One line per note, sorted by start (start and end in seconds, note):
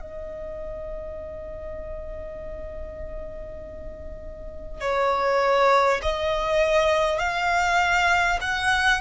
0.00 4.80 D#5
4.81 6.01 C#5
6.02 7.18 D#5
7.18 8.38 F5
8.41 9.01 F#5